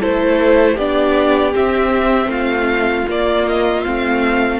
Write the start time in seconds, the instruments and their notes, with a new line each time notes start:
0.00 cello A3, viola E4, violin A4 C5
0.74 cello B3, viola D4, violin G4 D5
1.52 viola C4, cello C4, violin E5
2.26 cello A3, violin F4 F5
3.07 viola A#3, cello A#3, violin D5
3.48 violin D#5
3.83 cello A3, viola C4, violin F5